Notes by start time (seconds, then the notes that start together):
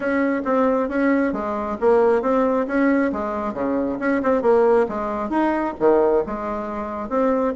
0.00 C#4
0.44 C4
0.88 C#4
1.32 G#3
1.80 A#3
2.22 C4
2.67 C#4
3.12 G#3
3.53 C#3
3.99 C#4
4.22 C4
4.42 A#3
4.88 G#3
5.29 D#4
5.79 D#3
6.26 G#3
7.09 C4